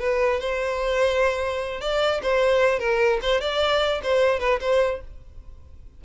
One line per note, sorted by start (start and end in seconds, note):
0.00 0.40 B4
0.40 1.81 C5
1.81 2.21 D5
2.23 2.79 C5
2.79 3.20 A#4
3.22 3.41 C5
3.41 4.01 D5
4.03 4.40 C5
4.40 4.60 B4
4.61 5.01 C5